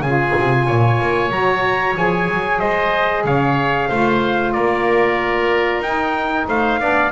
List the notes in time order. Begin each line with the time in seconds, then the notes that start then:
0.00 C#3 F4 G#4 G#5
0.39 C3
0.67 A#2 C#5
1.02 A#3
1.29 F#3 F#4 A#5
1.97 F3 G#4 G#5
2.30 F#3
2.59 G#3 C5 D#5
3.25 C#3 C#5 F5
3.89 A3 F4 C5
4.53 A#3 A#4 D5
5.80 D#4 G5
6.48 A3 C5 F5
6.80 B3 D4 D5